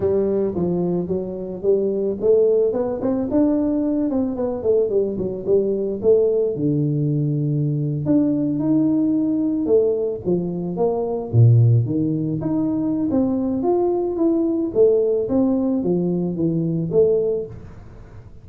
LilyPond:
\new Staff \with { instrumentName = "tuba" } { \time 4/4 \tempo 4 = 110 g4 f4 fis4 g4 | a4 b8 c'8 d'4. c'8 | b8 a8 g8 fis8 g4 a4 | d2~ d8. d'4 dis'16~ |
dis'4.~ dis'16 a4 f4 ais16~ | ais8. ais,4 dis4 dis'4~ dis'16 | c'4 f'4 e'4 a4 | c'4 f4 e4 a4 | }